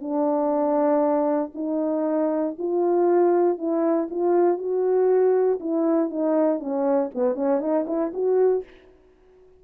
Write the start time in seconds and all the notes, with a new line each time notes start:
0.00 D4
1.54 D#4
2.58 F4
3.58 E4
4.10 F4
4.58 F#4
5.60 E4
6.10 D#4
6.59 C#4
7.14 B3
7.35 C#4
7.60 D#4
7.87 E4
8.14 F#4